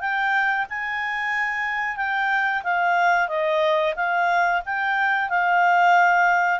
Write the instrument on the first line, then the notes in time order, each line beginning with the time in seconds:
clarinet
0.00 G5
0.70 G#5
1.97 G5
2.63 F5
3.28 D#5
3.96 F5
4.65 G5
5.30 F5